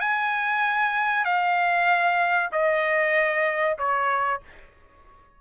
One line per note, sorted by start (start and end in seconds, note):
0.00 1.25 G#5
1.25 2.50 F5
2.52 3.77 D#5
3.78 4.41 C#5